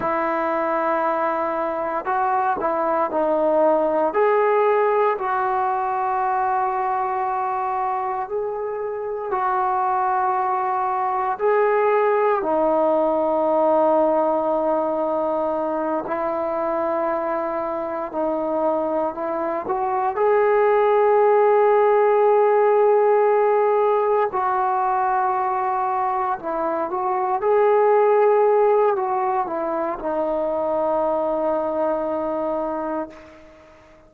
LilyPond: \new Staff \with { instrumentName = "trombone" } { \time 4/4 \tempo 4 = 58 e'2 fis'8 e'8 dis'4 | gis'4 fis'2. | gis'4 fis'2 gis'4 | dis'2.~ dis'8 e'8~ |
e'4. dis'4 e'8 fis'8 gis'8~ | gis'2.~ gis'8 fis'8~ | fis'4. e'8 fis'8 gis'4. | fis'8 e'8 dis'2. | }